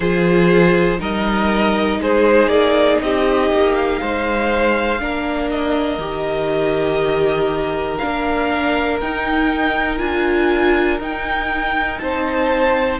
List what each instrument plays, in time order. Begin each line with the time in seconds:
0.00 cello F3, viola F4, violin G#4 C5
0.99 cello G3, viola D#4, violin A#4 D#5
1.99 cello G#3, violin G#4 C5
2.47 cello A#3, violin D5
3.01 cello C4, violin G4 D#5
3.50 cello A#3
3.74 violin F5
4.01 cello G#3, violin C5
4.99 cello A#3, viola D4, violin A#4
5.50 violin D#5
5.97 cello D#3, viola G4
7.97 viola D4, violin F5
8.04 cello A#3
9.00 cello D#4, viola D#4, violin G5
9.98 cello D4, viola F4, violin G#5
10.99 cello D#4, viola D#4, violin G5
11.99 cello C4, violin C5 A5